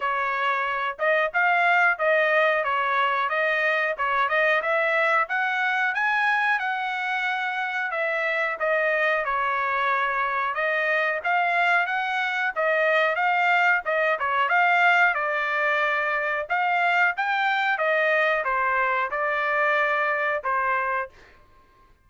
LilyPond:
\new Staff \with { instrumentName = "trumpet" } { \time 4/4 \tempo 4 = 91 cis''4. dis''8 f''4 dis''4 | cis''4 dis''4 cis''8 dis''8 e''4 | fis''4 gis''4 fis''2 | e''4 dis''4 cis''2 |
dis''4 f''4 fis''4 dis''4 | f''4 dis''8 cis''8 f''4 d''4~ | d''4 f''4 g''4 dis''4 | c''4 d''2 c''4 | }